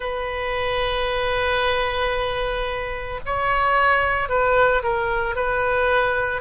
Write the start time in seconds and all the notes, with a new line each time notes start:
0.00 B4
3.25 C#5
4.29 B4
4.82 A#4
5.35 B4